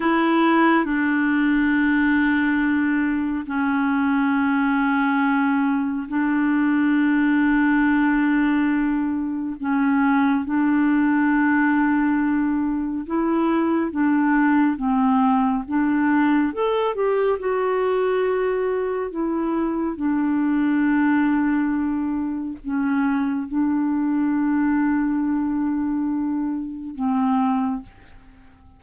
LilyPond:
\new Staff \with { instrumentName = "clarinet" } { \time 4/4 \tempo 4 = 69 e'4 d'2. | cis'2. d'4~ | d'2. cis'4 | d'2. e'4 |
d'4 c'4 d'4 a'8 g'8 | fis'2 e'4 d'4~ | d'2 cis'4 d'4~ | d'2. c'4 | }